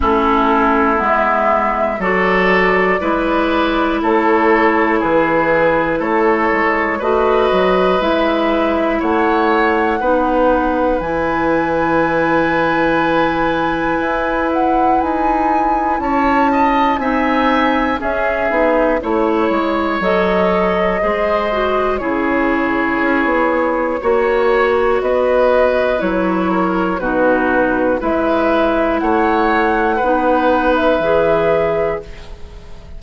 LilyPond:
<<
  \new Staff \with { instrumentName = "flute" } { \time 4/4 \tempo 4 = 60 a'4 e''4 d''2 | cis''4 b'4 cis''4 dis''4 | e''4 fis''2 gis''4~ | gis''2~ gis''8 fis''8 gis''4 |
a''4 gis''4 e''4 cis''4 | dis''2 cis''2~ | cis''4 dis''4 cis''4 b'4 | e''4 fis''4.~ fis''16 e''4~ e''16 | }
  \new Staff \with { instrumentName = "oboe" } { \time 4/4 e'2 a'4 b'4 | a'4 gis'4 a'4 b'4~ | b'4 cis''4 b'2~ | b'1 |
cis''8 dis''8 e''4 gis'4 cis''4~ | cis''4 c''4 gis'2 | cis''4 b'4. ais'8 fis'4 | b'4 cis''4 b'2 | }
  \new Staff \with { instrumentName = "clarinet" } { \time 4/4 cis'4 b4 fis'4 e'4~ | e'2. fis'4 | e'2 dis'4 e'4~ | e'1~ |
e'4 dis'4 cis'8 dis'8 e'4 | a'4 gis'8 fis'8 e'2 | fis'2 e'4 dis'4 | e'2 dis'4 gis'4 | }
  \new Staff \with { instrumentName = "bassoon" } { \time 4/4 a4 gis4 fis4 gis4 | a4 e4 a8 gis8 a8 fis8 | gis4 a4 b4 e4~ | e2 e'4 dis'4 |
cis'4 c'4 cis'8 b8 a8 gis8 | fis4 gis4 cis4 cis'16 b8. | ais4 b4 fis4 b,4 | gis4 a4 b4 e4 | }
>>